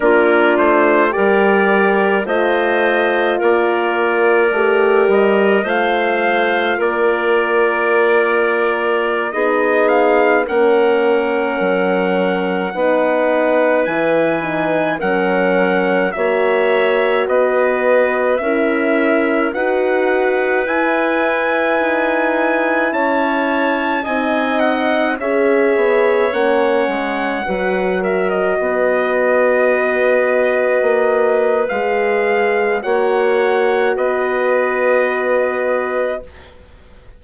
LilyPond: <<
  \new Staff \with { instrumentName = "trumpet" } { \time 4/4 \tempo 4 = 53 ais'8 c''8 d''4 dis''4 d''4~ | d''8 dis''8 f''4 d''2~ | d''16 dis''8 f''8 fis''2~ fis''8.~ | fis''16 gis''4 fis''4 e''4 dis''8.~ |
dis''16 e''4 fis''4 gis''4.~ gis''16~ | gis''16 a''4 gis''8 fis''8 e''4 fis''8.~ | fis''8. e''16 dis''2. | f''4 fis''4 dis''2 | }
  \new Staff \with { instrumentName = "clarinet" } { \time 4/4 f'4 ais'4 c''4 ais'4~ | ais'4 c''4 ais'2~ | ais'16 gis'4 ais'2 b'8.~ | b'4~ b'16 ais'4 cis''4 b'8.~ |
b'16 ais'4 b'2~ b'8.~ | b'16 cis''4 dis''4 cis''4.~ cis''16~ | cis''16 b'8 ais'8 b'2~ b'8.~ | b'4 cis''4 b'2 | }
  \new Staff \with { instrumentName = "horn" } { \time 4/4 d'4 g'4 f'2 | g'4 f'2.~ | f'16 dis'4 cis'2 dis'8.~ | dis'16 e'8 dis'8 cis'4 fis'4.~ fis'16~ |
fis'16 e'4 fis'4 e'4.~ e'16~ | e'4~ e'16 dis'4 gis'4 cis'8.~ | cis'16 fis'2.~ fis'8. | gis'4 fis'2. | }
  \new Staff \with { instrumentName = "bassoon" } { \time 4/4 ais8 a8 g4 a4 ais4 | a8 g8 a4 ais2~ | ais16 b4 ais4 fis4 b8.~ | b16 e4 fis4 ais4 b8.~ |
b16 cis'4 dis'4 e'4 dis'8.~ | dis'16 cis'4 c'4 cis'8 b8 ais8 gis16~ | gis16 fis4 b2 ais8. | gis4 ais4 b2 | }
>>